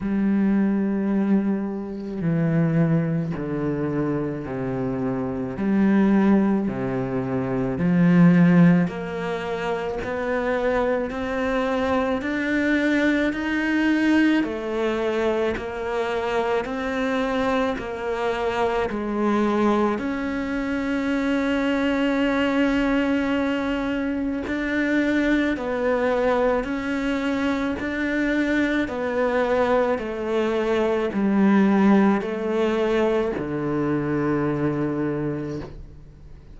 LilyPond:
\new Staff \with { instrumentName = "cello" } { \time 4/4 \tempo 4 = 54 g2 e4 d4 | c4 g4 c4 f4 | ais4 b4 c'4 d'4 | dis'4 a4 ais4 c'4 |
ais4 gis4 cis'2~ | cis'2 d'4 b4 | cis'4 d'4 b4 a4 | g4 a4 d2 | }